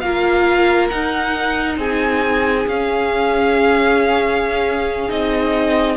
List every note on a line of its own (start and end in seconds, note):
0.00 0.91 A#3
0.00 0.91 F4
0.00 1.78 A#4
0.00 0.88 F5
0.88 2.67 D#4
0.88 1.77 D#4
0.88 1.77 F#5
1.77 2.65 C4
1.77 5.97 G#4
1.77 2.68 G#5
2.67 5.10 C#4
2.67 5.08 C#4
2.67 5.11 F5
5.08 5.97 C4
5.08 5.97 D#4
5.08 5.97 D#5